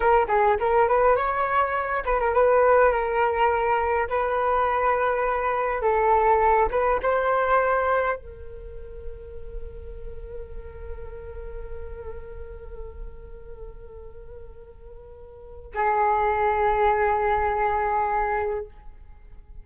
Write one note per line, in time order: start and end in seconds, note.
0.00 0.27 A#4
0.28 0.57 G#4
0.60 0.88 A#4
0.88 1.16 B4
1.16 2.03 C#5
2.05 2.19 B4
2.19 2.34 A#4
2.34 2.92 B4
2.92 4.08 A#4
4.08 5.81 B4
5.81 6.69 A4
6.71 7.00 B4
7.02 8.16 C5
8.16 15.73 A#4
15.74 18.65 G#4